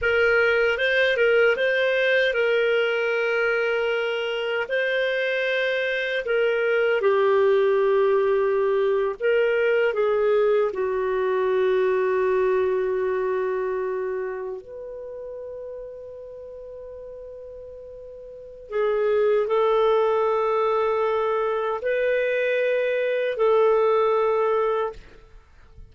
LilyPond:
\new Staff \with { instrumentName = "clarinet" } { \time 4/4 \tempo 4 = 77 ais'4 c''8 ais'8 c''4 ais'4~ | ais'2 c''2 | ais'4 g'2~ g'8. ais'16~ | ais'8. gis'4 fis'2~ fis'16~ |
fis'2~ fis'8. b'4~ b'16~ | b'1 | gis'4 a'2. | b'2 a'2 | }